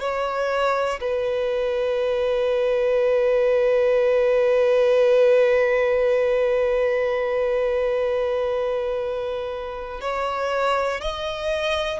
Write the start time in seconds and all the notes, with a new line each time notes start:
0.00 C#5
1.01 B4
10.00 C#5
11.00 D#5